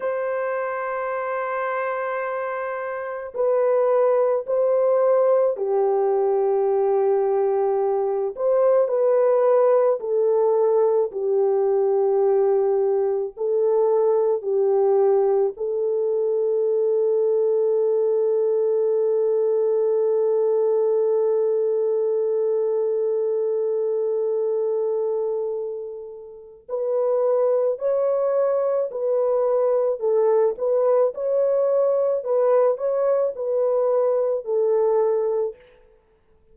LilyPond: \new Staff \with { instrumentName = "horn" } { \time 4/4 \tempo 4 = 54 c''2. b'4 | c''4 g'2~ g'8 c''8 | b'4 a'4 g'2 | a'4 g'4 a'2~ |
a'1~ | a'1 | b'4 cis''4 b'4 a'8 b'8 | cis''4 b'8 cis''8 b'4 a'4 | }